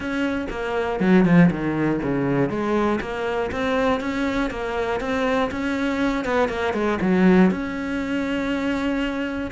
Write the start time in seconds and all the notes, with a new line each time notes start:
0.00 C#4
0.50 A#3
1.00 F#3
1.25 F3
1.50 D#3
2.02 C#3
2.49 G#3
3.00 A#3
3.51 C4
4.00 C#4
4.50 A#3
5.00 C4
5.51 C#4
6.25 B3
6.48 A#3
6.73 G#3
7.01 F#3
7.50 C#4